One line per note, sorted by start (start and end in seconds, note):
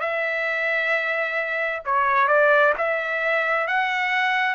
0.00 1.82 E5
1.85 2.28 C#5
2.28 2.73 D5
2.77 3.67 E5
3.67 4.55 F#5